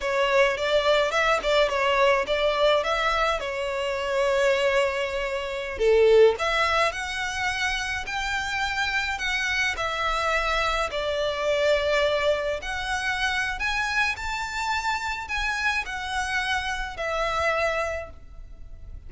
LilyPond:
\new Staff \with { instrumentName = "violin" } { \time 4/4 \tempo 4 = 106 cis''4 d''4 e''8 d''8 cis''4 | d''4 e''4 cis''2~ | cis''2~ cis''16 a'4 e''8.~ | e''16 fis''2 g''4.~ g''16~ |
g''16 fis''4 e''2 d''8.~ | d''2~ d''16 fis''4.~ fis''16 | gis''4 a''2 gis''4 | fis''2 e''2 | }